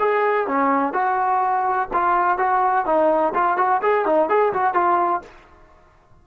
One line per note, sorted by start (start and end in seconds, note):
0.00 0.48 G#4
0.48 0.94 C#4
0.94 1.89 F#4
1.94 2.39 F4
2.39 2.86 F#4
2.86 3.34 D#4
3.35 3.58 F4
3.58 3.82 F#4
3.82 4.06 G#4
4.06 4.30 D#4
4.30 4.53 G#4
4.54 4.74 F#4
4.74 5.22 F4